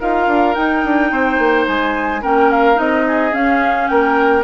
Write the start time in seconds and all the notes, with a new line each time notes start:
0.00 D#4 F4 A#4 F5
0.27 D4
0.55 D#4 G5
0.84 D4
1.11 C4 C5
1.39 A#3
1.67 G#3 G#5
2.22 A#3 C#4 A#4 G5
2.51 F5
2.75 C4 D#4 D#5
3.08 G#4
3.33 C#4 F5
3.88 A#3 A#4 G5